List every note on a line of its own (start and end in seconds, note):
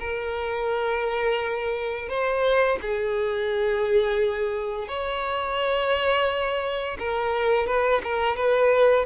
0.00 2.09 A#4
2.09 2.79 C5
2.82 4.88 G#4
4.88 6.98 C#5
6.99 7.67 A#4
7.67 8.02 B4
8.04 8.37 A#4
8.37 9.06 B4